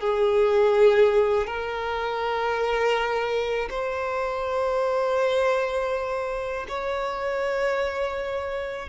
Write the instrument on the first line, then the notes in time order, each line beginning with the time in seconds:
violin
0.00 G#4
1.47 A#4
3.70 C5
6.68 C#5